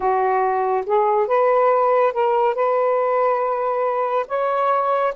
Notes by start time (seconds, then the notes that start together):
0.00 F#4
0.86 G#4
1.27 B4
2.12 A#4
2.54 B4
4.27 C#5